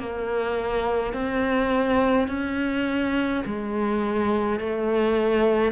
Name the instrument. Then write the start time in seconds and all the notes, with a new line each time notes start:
cello
0.00 A#3
1.14 C4
2.28 C#4
3.46 G#3
4.60 A3